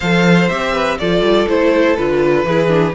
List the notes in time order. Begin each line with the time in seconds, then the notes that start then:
0.00 F3 A4 C5 F5
0.48 C4 G4 E5
0.73 B4
0.99 F3 F4 A4 D5
1.21 G3
1.48 A3 E4 C5
1.96 D3 F4 B4
2.44 E3 E4 G#4
2.67 D4